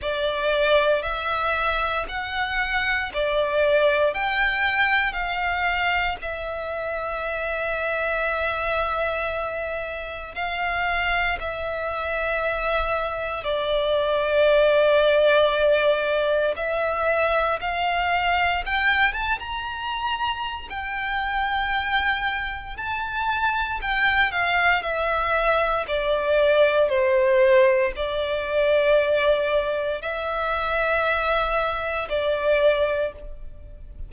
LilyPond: \new Staff \with { instrumentName = "violin" } { \time 4/4 \tempo 4 = 58 d''4 e''4 fis''4 d''4 | g''4 f''4 e''2~ | e''2 f''4 e''4~ | e''4 d''2. |
e''4 f''4 g''8 a''16 ais''4~ ais''16 | g''2 a''4 g''8 f''8 | e''4 d''4 c''4 d''4~ | d''4 e''2 d''4 | }